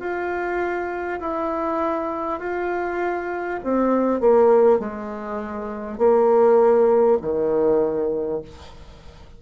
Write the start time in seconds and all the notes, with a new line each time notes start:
0.00 F4
1.20 E4
2.39 F4
3.64 C4
4.21 A#3
4.79 G#3
5.98 A#3
7.22 D#3